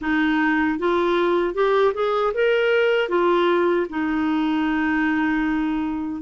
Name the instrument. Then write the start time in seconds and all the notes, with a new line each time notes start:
clarinet
0.01 D#4
0.78 F4
1.54 G4
1.94 G#4
2.34 A#4
3.08 F4
3.89 D#4